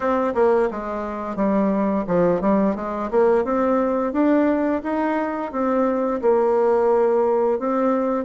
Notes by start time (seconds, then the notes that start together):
0.00 C4
0.34 A#3
0.70 G#3
1.36 G3
2.07 F3
2.41 G3
2.75 G#3
3.10 A#3
3.44 C4
4.13 D4
4.83 D#4
5.51 C4
6.21 A#3
7.59 C4